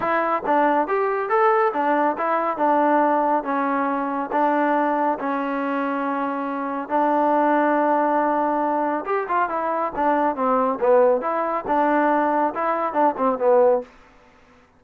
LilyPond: \new Staff \with { instrumentName = "trombone" } { \time 4/4 \tempo 4 = 139 e'4 d'4 g'4 a'4 | d'4 e'4 d'2 | cis'2 d'2 | cis'1 |
d'1~ | d'4 g'8 f'8 e'4 d'4 | c'4 b4 e'4 d'4~ | d'4 e'4 d'8 c'8 b4 | }